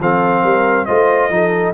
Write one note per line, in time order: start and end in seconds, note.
0.00 0.43 F3
0.00 0.87 C4
0.00 0.43 A4
0.00 0.86 F5
0.43 0.87 G3
0.43 0.87 A#4
0.86 1.30 A3
0.86 1.31 F4
0.86 1.31 C5
0.86 1.72 D#5
1.30 1.73 F3
1.30 1.74 D#4
1.30 1.74 A4